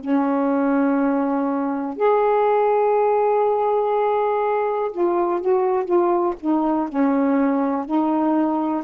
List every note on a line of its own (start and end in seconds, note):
0.00 1.96 C#4
1.96 4.91 G#4
4.91 5.41 F4
5.41 5.84 F#4
5.84 6.34 F4
6.40 6.89 D#4
6.89 7.85 C#4
7.85 8.83 D#4